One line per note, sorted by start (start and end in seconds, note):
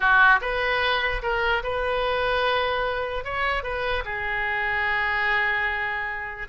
0.00 0.40 F#4
0.41 1.22 B4
1.22 1.62 A#4
1.63 3.24 B4
3.24 3.63 C#5
3.63 4.03 B4
4.04 6.48 G#4